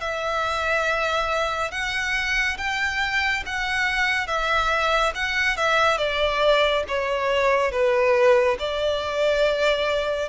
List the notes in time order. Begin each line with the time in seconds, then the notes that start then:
0.00 E5
1.71 F#5
2.58 G5
3.46 F#5
4.27 E5
5.15 F#5
5.57 E5
5.98 D5
6.88 C#5
7.71 B4
8.59 D5